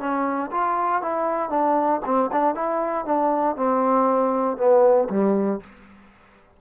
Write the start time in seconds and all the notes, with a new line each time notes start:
0.00 C#4
0.52 F4
1.02 E4
1.50 D4
2.05 C4
2.33 D4
2.55 E4
3.06 D4
3.57 C4
4.58 B3
5.10 G3